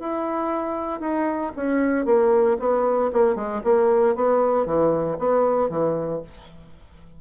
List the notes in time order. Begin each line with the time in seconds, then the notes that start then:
0.00 E4
1.01 D#4
1.57 C#4
2.06 A#3
2.60 B3
3.13 A#3
3.36 G#3
3.64 A#3
4.16 B3
4.66 E3
5.19 B3
5.70 E3